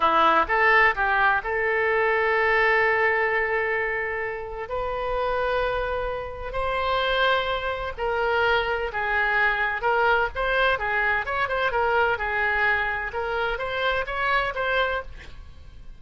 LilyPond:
\new Staff \with { instrumentName = "oboe" } { \time 4/4 \tempo 4 = 128 e'4 a'4 g'4 a'4~ | a'1~ | a'2 b'2~ | b'2 c''2~ |
c''4 ais'2 gis'4~ | gis'4 ais'4 c''4 gis'4 | cis''8 c''8 ais'4 gis'2 | ais'4 c''4 cis''4 c''4 | }